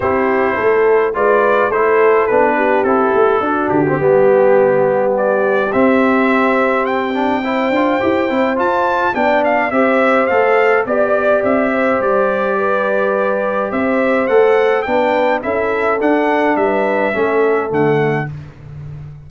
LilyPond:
<<
  \new Staff \with { instrumentName = "trumpet" } { \time 4/4 \tempo 4 = 105 c''2 d''4 c''4 | b'4 a'4. g'4.~ | g'4 d''4 e''2 | g''2. a''4 |
g''8 f''8 e''4 f''4 d''4 | e''4 d''2. | e''4 fis''4 g''4 e''4 | fis''4 e''2 fis''4 | }
  \new Staff \with { instrumentName = "horn" } { \time 4/4 g'4 a'4 b'4 a'4~ | a'8 g'4. fis'4 g'4~ | g'1~ | g'4 c''2. |
d''4 c''2 d''4~ | d''8 c''4. b'2 | c''2 b'4 a'4~ | a'4 b'4 a'2 | }
  \new Staff \with { instrumentName = "trombone" } { \time 4/4 e'2 f'4 e'4 | d'4 e'4 d'8. c'16 b4~ | b2 c'2~ | c'8 d'8 e'8 f'8 g'8 e'8 f'4 |
d'4 g'4 a'4 g'4~ | g'1~ | g'4 a'4 d'4 e'4 | d'2 cis'4 a4 | }
  \new Staff \with { instrumentName = "tuba" } { \time 4/4 c'4 a4 gis4 a4 | b4 c'8 a8 d'8 d8 g4~ | g2 c'2~ | c'4. d'8 e'8 c'8 f'4 |
b4 c'4 a4 b4 | c'4 g2. | c'4 a4 b4 cis'4 | d'4 g4 a4 d4 | }
>>